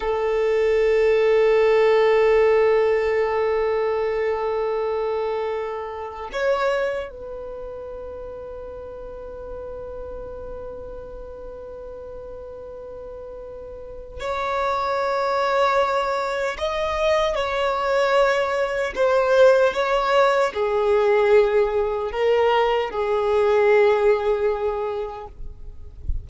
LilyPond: \new Staff \with { instrumentName = "violin" } { \time 4/4 \tempo 4 = 76 a'1~ | a'1 | cis''4 b'2.~ | b'1~ |
b'2 cis''2~ | cis''4 dis''4 cis''2 | c''4 cis''4 gis'2 | ais'4 gis'2. | }